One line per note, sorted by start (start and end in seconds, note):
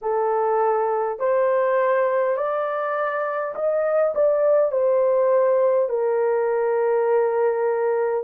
0.01 1.19 A4
1.19 2.36 C5
2.36 3.54 D5
3.55 4.13 D#5
4.14 4.71 D5
4.71 5.89 C5
5.89 8.24 A#4